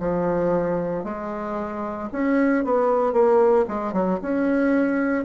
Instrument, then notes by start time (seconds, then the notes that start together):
bassoon
0.00 F3
1.05 G#3
2.12 C#4
2.65 B3
3.13 A#3
3.68 G#3
3.93 F#3
4.22 C#4